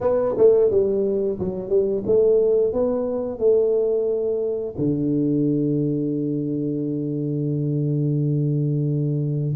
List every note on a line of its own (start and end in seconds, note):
0.01 0.35 B3
0.37 0.70 A3
0.70 1.39 G3
1.39 1.69 F#3
1.69 2.03 G3
2.06 2.72 A3
2.72 3.38 B3
3.38 4.74 A3
4.78 9.55 D3